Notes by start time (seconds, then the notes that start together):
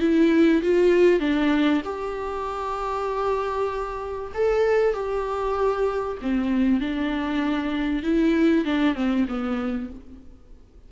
0.00 E4
0.62 F4
1.20 D4
1.85 G4
4.34 A4
4.94 G4
6.22 C4
6.80 D4
8.03 E4
8.65 D4
8.95 C4
9.28 B3